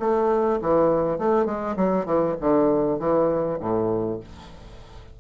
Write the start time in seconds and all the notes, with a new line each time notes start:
0.00 A3
0.62 E3
1.19 A3
1.46 G#3
1.77 F#3
2.06 E3
2.41 D3
2.99 E3
3.60 A2